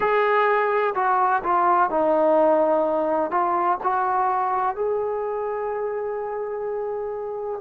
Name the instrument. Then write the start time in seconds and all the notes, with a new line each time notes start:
trombone
0.00 G#4
0.94 F#4
1.43 F4
1.90 D#4
3.30 F4
3.83 F#4
4.75 G#4